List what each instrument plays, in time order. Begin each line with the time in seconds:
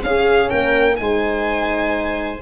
0.00 horn C#4, tuba C#4, violin F5
0.06 viola G#4
0.50 tuba A#3, viola A#4, violin G5
0.96 tuba G#3, horn D#4, viola C5, violin G#5